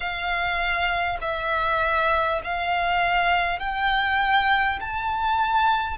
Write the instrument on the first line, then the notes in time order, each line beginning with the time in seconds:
violin
0.00 F5
1.21 E5
2.44 F5
3.59 G5
4.80 A5